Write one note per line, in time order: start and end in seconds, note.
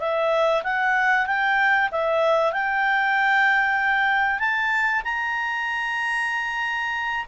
0.00 0.63 E5
0.63 1.27 F#5
1.27 1.90 G5
1.91 2.53 E5
2.53 4.40 G5
4.40 5.03 A5
5.04 7.25 A#5